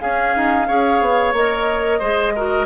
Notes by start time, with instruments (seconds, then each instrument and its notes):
0.00 clarinet C#4, bassoon C#4, oboe G#4, flute F5
0.36 bassoon D#4
0.67 bassoon C#4, clarinet G#4, oboe C#5
1.00 bassoon B3
1.32 bassoon A#3, clarinet A#4, flute D#5
1.99 bassoon G#3, clarinet G#4, oboe C5
2.35 clarinet F#4, oboe A#4